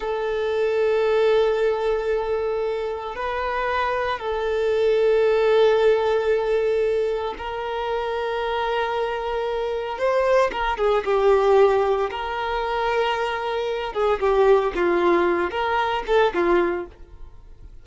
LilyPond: \new Staff \with { instrumentName = "violin" } { \time 4/4 \tempo 4 = 114 a'1~ | a'2 b'2 | a'1~ | a'2 ais'2~ |
ais'2. c''4 | ais'8 gis'8 g'2 ais'4~ | ais'2~ ais'8 gis'8 g'4 | f'4. ais'4 a'8 f'4 | }